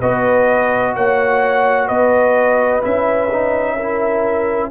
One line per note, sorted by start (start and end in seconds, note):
0.00 0.96 B3
0.00 2.82 F#4
0.00 0.94 B4
0.00 0.95 D#5
0.96 1.90 A#3
0.96 1.87 C#5
0.96 1.88 F#5
1.87 2.84 B3
1.87 3.75 B4
1.87 2.82 D#5
2.82 4.71 C#4
2.82 3.29 E4
2.82 4.71 E5
3.32 3.79 D#4
3.76 4.71 E4
3.76 4.70 A#4